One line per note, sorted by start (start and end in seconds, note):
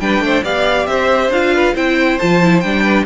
0.00 0.21 G3
0.00 0.45 D4
0.00 0.24 B4
0.00 0.44 G5
0.21 0.43 A3
0.21 0.44 C5
0.44 0.87 B3
0.44 1.33 G4
0.44 0.88 D5
0.44 0.87 F5
0.87 1.30 C4
0.87 1.55 C5
0.87 1.31 E5
1.30 1.73 D4
1.30 1.76 F4
1.30 1.77 F5
1.55 1.74 B4
1.74 2.19 C4
1.74 2.20 E4
1.74 2.84 C5
1.74 2.19 G5
2.19 2.64 F3
2.19 2.43 F4
2.19 2.61 A5
2.43 2.64 E4
2.61 3.07 G3
2.61 3.07 D4
2.61 3.05 G5
2.84 3.06 B4